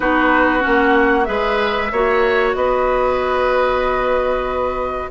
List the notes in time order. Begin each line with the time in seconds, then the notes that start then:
0.00 B3 D#4 F#4 B4
0.60 C#4 F#5
0.66 A#3
1.24 G#3 G#4 B4 E5
1.91 A#3 F#4 C#5
2.54 B3 B4 D#5